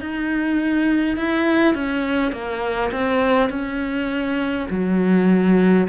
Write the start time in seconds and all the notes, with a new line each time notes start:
0.00 D#4
1.17 E4
1.74 C#4
2.32 A#3
2.91 C4
3.49 C#4
4.70 F#3